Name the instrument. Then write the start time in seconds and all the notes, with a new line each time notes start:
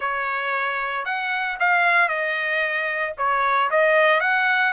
trumpet
0.00 C#5
1.05 F#5
1.59 F5
2.08 D#5
3.17 C#5
3.70 D#5
4.20 F#5